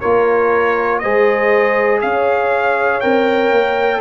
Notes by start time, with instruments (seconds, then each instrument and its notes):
0.00 tuba A#3, trombone F4, horn A#4, trumpet C#5
0.98 tuba G#3, trombone G#4, horn C5, trumpet D#5
2.01 tuba C#4, horn C#5, trumpet F5
3.00 tuba C4, trombone A#4, trumpet G5
3.50 tuba A#3